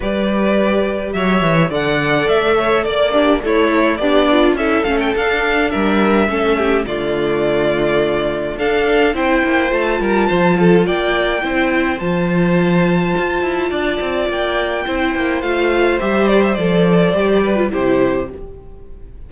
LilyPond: <<
  \new Staff \with { instrumentName = "violin" } { \time 4/4 \tempo 4 = 105 d''2 e''4 fis''4 | e''4 d''4 cis''4 d''4 | e''8 f''16 g''16 f''4 e''2 | d''2. f''4 |
g''4 a''2 g''4~ | g''4 a''2.~ | a''4 g''2 f''4 | e''8 d''16 e''16 d''2 c''4 | }
  \new Staff \with { instrumentName = "violin" } { \time 4/4 b'2 cis''4 d''4~ | d''8 cis''8 d''8 d'8 e'4 d'4 | a'2 ais'4 a'8 g'8 | f'2. a'4 |
c''4. ais'8 c''8 a'8 d''4 | c''1 | d''2 c''2~ | c''2~ c''8 b'8 g'4 | }
  \new Staff \with { instrumentName = "viola" } { \time 4/4 g'2. a'4~ | a'4. g'8 a'4 g'8 f'8 | e'8 cis'8 d'2 cis'4 | a2. d'4 |
e'4 f'2. | e'4 f'2.~ | f'2 e'4 f'4 | g'4 a'4 g'8. f'16 e'4 | }
  \new Staff \with { instrumentName = "cello" } { \time 4/4 g2 fis8 e8 d4 | a4 ais4 a4 b4 | cis'8 a8 d'4 g4 a4 | d2. d'4 |
c'8 ais8 a8 g8 f4 ais4 | c'4 f2 f'8 e'8 | d'8 c'8 ais4 c'8 ais8 a4 | g4 f4 g4 c4 | }
>>